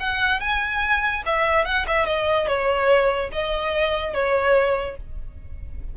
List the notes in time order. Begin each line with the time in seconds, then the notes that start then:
0.00 F#5
0.40 G#5
1.26 E5
1.65 F#5
1.87 E5
2.06 D#5
2.47 C#5
3.32 D#5
4.14 C#5